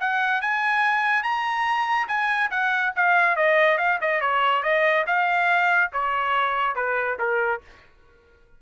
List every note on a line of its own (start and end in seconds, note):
0.00 0.41 F#5
0.41 1.23 G#5
1.23 2.07 A#5
2.08 2.50 G#5
2.50 2.93 F#5
2.96 3.36 F5
3.36 3.78 D#5
3.78 3.99 F5
4.01 4.21 D#5
4.21 4.63 C#5
4.63 5.05 D#5
5.06 5.91 F5
5.93 6.75 C#5
6.75 7.18 B4
7.19 7.61 A#4